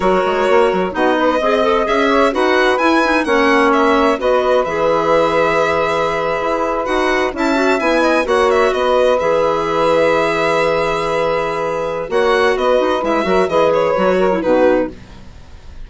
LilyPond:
<<
  \new Staff \with { instrumentName = "violin" } { \time 4/4 \tempo 4 = 129 cis''2 dis''2 | e''4 fis''4 gis''4 fis''4 | e''4 dis''4 e''2~ | e''2~ e''8. fis''4 a''16~ |
a''8. gis''4 fis''8 e''8 dis''4 e''16~ | e''1~ | e''2 fis''4 dis''4 | e''4 dis''8 cis''4. b'4 | }
  \new Staff \with { instrumentName = "saxophone" } { \time 4/4 ais'2 fis'8 b'8 dis''4~ | dis''8 cis''8 b'2 cis''4~ | cis''4 b'2.~ | b'2.~ b'8. e''16~ |
e''4~ e''16 dis''8 cis''4 b'4~ b'16~ | b'1~ | b'2 cis''4 b'4~ | b'8 ais'8 b'4. ais'8 fis'4 | }
  \new Staff \with { instrumentName = "clarinet" } { \time 4/4 fis'2 dis'4 gis'8 a'8 | gis'4 fis'4 e'8 dis'8 cis'4~ | cis'4 fis'4 gis'2~ | gis'2~ gis'8. fis'4 e'16~ |
e'16 fis'8 e'4 fis'2 gis'16~ | gis'1~ | gis'2 fis'2 | e'8 fis'8 gis'4 fis'8. e'16 dis'4 | }
  \new Staff \with { instrumentName = "bassoon" } { \time 4/4 fis8 gis8 ais8 fis8 b4 c'4 | cis'4 dis'4 e'4 ais4~ | ais4 b4 e2~ | e4.~ e16 e'4 dis'4 cis'16~ |
cis'8. b4 ais4 b4 e16~ | e1~ | e2 ais4 b8 dis'8 | gis8 fis8 e4 fis4 b,4 | }
>>